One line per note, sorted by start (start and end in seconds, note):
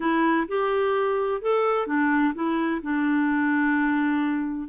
0.00 0.47 E4
0.48 1.41 G4
1.41 1.86 A4
1.86 2.33 D4
2.34 2.81 E4
2.82 4.68 D4